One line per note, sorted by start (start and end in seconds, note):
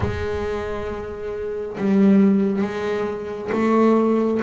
0.00 1.76 G#3
1.77 2.61 G3
2.61 3.49 G#3
3.52 4.40 A3